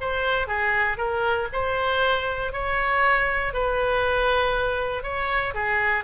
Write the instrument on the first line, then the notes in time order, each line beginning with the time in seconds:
oboe
0.00 C5
0.47 G#4
0.97 A#4
1.52 C5
2.52 C#5
3.53 B4
5.02 C#5
5.54 G#4